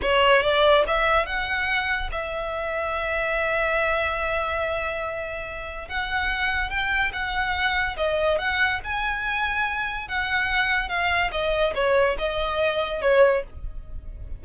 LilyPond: \new Staff \with { instrumentName = "violin" } { \time 4/4 \tempo 4 = 143 cis''4 d''4 e''4 fis''4~ | fis''4 e''2.~ | e''1~ | e''2 fis''2 |
g''4 fis''2 dis''4 | fis''4 gis''2. | fis''2 f''4 dis''4 | cis''4 dis''2 cis''4 | }